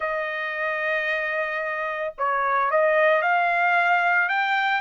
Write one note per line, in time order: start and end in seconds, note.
0.00 2.14 D#5
2.17 2.70 C#5
2.70 3.22 D#5
3.22 4.28 F5
4.28 4.80 G5